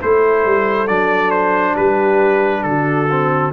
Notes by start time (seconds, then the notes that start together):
0.00 A3 E4 A4 C5
0.46 G3
0.87 F#3 D4 D5
1.31 C5
1.73 G3 G4 B4
2.63 D3 F#4 A4
3.10 C4